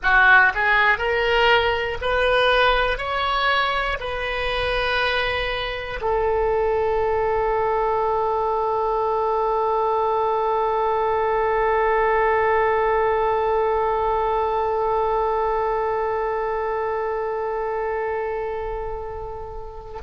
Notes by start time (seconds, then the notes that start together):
0.03 F#4
0.54 G#4
0.98 A#4
2.00 B4
2.97 C#5
4.00 B4
6.01 A4